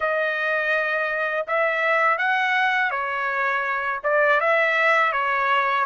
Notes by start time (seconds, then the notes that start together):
0.00 D#5
1.47 E5
2.18 F#5
2.90 C#5
4.03 D5
4.40 E5
5.12 C#5